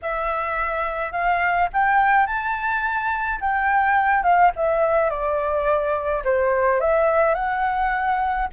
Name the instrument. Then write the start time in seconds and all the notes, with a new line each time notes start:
flute
0.02 E5
1.12 F5
1.73 G5
2.26 A5
3.40 G5
4.23 F5
4.55 E5
5.10 D5
6.24 C5
6.80 E5
7.34 F#5